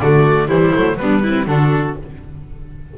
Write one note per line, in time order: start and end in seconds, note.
0.00 0.48 D3
0.00 0.48 A3
0.00 0.48 F#4
0.00 0.49 D5
0.48 0.73 E3
0.48 0.73 G3
0.48 0.96 E4
0.48 0.97 C5
0.74 1.00 F#3
0.74 0.98 A3
0.97 1.47 G3
0.97 1.25 B3
0.97 1.23 D4
0.97 1.46 B4
1.23 1.47 C4
1.23 1.47 E4
1.47 1.96 D3
1.47 1.96 D4
1.47 1.98 F#4
1.47 1.96 A4